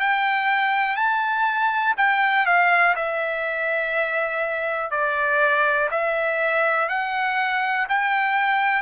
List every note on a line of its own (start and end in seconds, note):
0.00 0.96 G5
0.96 1.94 A5
1.97 2.45 G5
2.45 2.95 F5
2.95 4.90 E5
4.90 5.89 D5
5.91 6.89 E5
6.89 7.87 F#5
7.88 8.82 G5